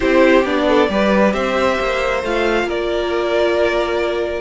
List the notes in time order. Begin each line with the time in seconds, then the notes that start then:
0.00 C4 E4 G4 C5
0.44 B3 D4 D5
0.67 A4
0.89 G3 G4 B4
1.32 C4 C5 E5
1.80 A#3
2.23 A3 F4 F5
2.63 A#3 A#4 D5